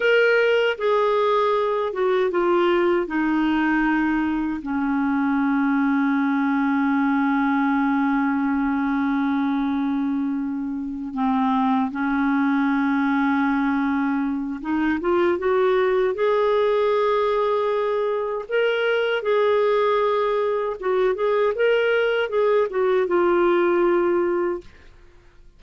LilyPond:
\new Staff \with { instrumentName = "clarinet" } { \time 4/4 \tempo 4 = 78 ais'4 gis'4. fis'8 f'4 | dis'2 cis'2~ | cis'1~ | cis'2~ cis'8 c'4 cis'8~ |
cis'2. dis'8 f'8 | fis'4 gis'2. | ais'4 gis'2 fis'8 gis'8 | ais'4 gis'8 fis'8 f'2 | }